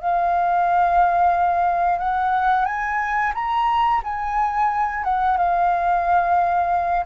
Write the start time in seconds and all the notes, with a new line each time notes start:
0.00 F5
1.99 F#5
2.65 G#5
3.34 A#5
4.04 G#5
5.04 F#5
5.37 F5